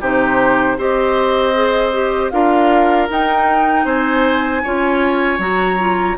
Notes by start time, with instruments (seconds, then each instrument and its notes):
0.00 bassoon C3, clarinet D#4, oboe G4, flute C5
0.77 bassoon C4, clarinet G4, oboe C5, flute D#5
1.54 clarinet G#4
1.93 clarinet G4
2.30 bassoon D4, clarinet F4, oboe A#4, flute F5
3.09 clarinet D#4, bassoon D#4, flute G5
3.84 bassoon C4, oboe C5, flute G#5
4.63 bassoon C#4, clarinet F4, oboe C#5
5.38 bassoon F#3, clarinet F#4, flute A#5
5.78 clarinet F4